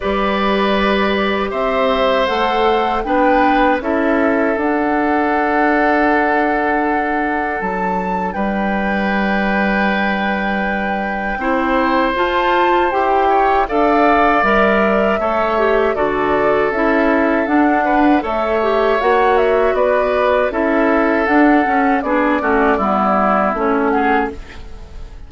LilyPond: <<
  \new Staff \with { instrumentName = "flute" } { \time 4/4 \tempo 4 = 79 d''2 e''4 fis''4 | g''4 e''4 fis''2~ | fis''2 a''4 g''4~ | g''1 |
a''4 g''4 f''4 e''4~ | e''4 d''4 e''4 fis''4 | e''4 fis''8 e''8 d''4 e''4 | fis''4 d''2 cis''8 fis''8 | }
  \new Staff \with { instrumentName = "oboe" } { \time 4/4 b'2 c''2 | b'4 a'2.~ | a'2. b'4~ | b'2. c''4~ |
c''4. cis''8 d''2 | cis''4 a'2~ a'8 b'8 | cis''2 b'4 a'4~ | a'4 gis'8 fis'8 e'4. gis'8 | }
  \new Staff \with { instrumentName = "clarinet" } { \time 4/4 g'2. a'4 | d'4 e'4 d'2~ | d'1~ | d'2. e'4 |
f'4 g'4 a'4 ais'4 | a'8 g'8 fis'4 e'4 d'4 | a'8 g'8 fis'2 e'4 | d'8 cis'8 d'8 cis'8 b4 cis'4 | }
  \new Staff \with { instrumentName = "bassoon" } { \time 4/4 g2 c'4 a4 | b4 cis'4 d'2~ | d'2 fis4 g4~ | g2. c'4 |
f'4 e'4 d'4 g4 | a4 d4 cis'4 d'4 | a4 ais4 b4 cis'4 | d'8 cis'8 b8 a8 g4 a4 | }
>>